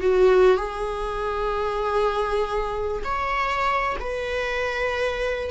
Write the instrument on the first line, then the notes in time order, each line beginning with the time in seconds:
viola
0.00 F#4
0.57 G#4
3.04 C#5
4.00 B4